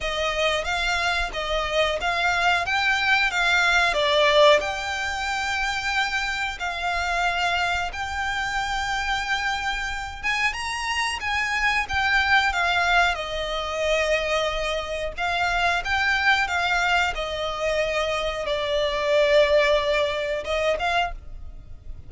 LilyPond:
\new Staff \with { instrumentName = "violin" } { \time 4/4 \tempo 4 = 91 dis''4 f''4 dis''4 f''4 | g''4 f''4 d''4 g''4~ | g''2 f''2 | g''2.~ g''8 gis''8 |
ais''4 gis''4 g''4 f''4 | dis''2. f''4 | g''4 f''4 dis''2 | d''2. dis''8 f''8 | }